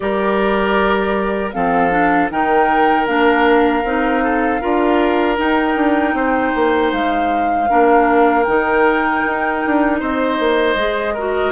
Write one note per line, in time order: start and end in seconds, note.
0.00 1.54 G3
0.00 1.51 G4
0.00 1.54 A#4
0.00 1.51 D5
1.52 2.30 F3
1.52 1.90 C4
1.52 2.31 A4
1.52 2.29 F5
1.90 2.28 D4
2.30 3.07 D#3
2.30 3.06 D#4
2.30 4.23 A#4
2.30 3.06 G5
3.06 3.83 A#3
3.06 3.83 D4
3.06 5.37 F5
3.83 4.60 C4
3.83 4.60 D#4
4.23 4.61 A4
4.60 5.38 D4
4.60 5.36 F4
4.60 6.14 A#4
5.36 7.67 D#4
5.36 5.75 D#4
5.36 6.92 G5
5.75 6.13 D4
6.13 6.52 C4
6.13 7.69 C5
6.55 6.92 A#3
6.92 7.69 G#3
6.92 8.43 F5
7.68 8.47 A#3
7.68 8.45 D4
7.68 9.99 A#4
8.43 9.24 D#3
8.43 10.77 D#4
8.43 9.97 G5
9.26 9.64 D#4
9.66 10.01 D4
9.99 10.39 C4
9.99 11.14 C5
9.99 11.52 D#5
10.39 10.75 A#3
10.75 11.52 G#3
10.75 11.15 G#4
11.14 11.52 F#4
11.14 11.52 A#4